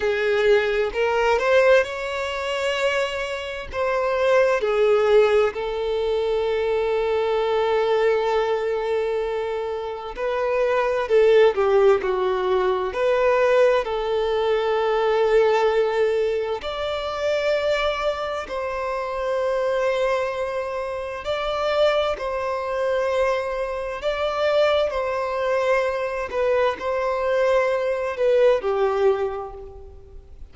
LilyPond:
\new Staff \with { instrumentName = "violin" } { \time 4/4 \tempo 4 = 65 gis'4 ais'8 c''8 cis''2 | c''4 gis'4 a'2~ | a'2. b'4 | a'8 g'8 fis'4 b'4 a'4~ |
a'2 d''2 | c''2. d''4 | c''2 d''4 c''4~ | c''8 b'8 c''4. b'8 g'4 | }